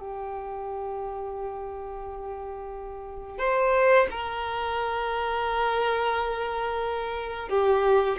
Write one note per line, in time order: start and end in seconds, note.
0.00 3.39 G4
3.39 4.07 C5
4.11 7.49 A#4
7.49 8.18 G4